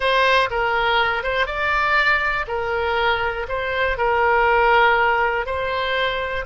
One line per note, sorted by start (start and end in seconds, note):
0.00 0.49 C5
0.50 1.23 A#4
1.23 1.46 C5
1.46 2.45 D5
2.47 3.46 A#4
3.48 3.97 C5
3.97 5.46 A#4
5.46 6.45 C5